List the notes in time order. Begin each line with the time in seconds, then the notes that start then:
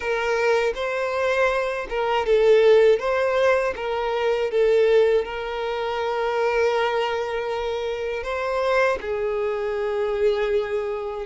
0.00 A#4
0.74 C5
1.89 A#4
2.25 A4
2.99 C5
3.76 A#4
4.50 A4
5.24 A#4
8.23 C5
9.01 G#4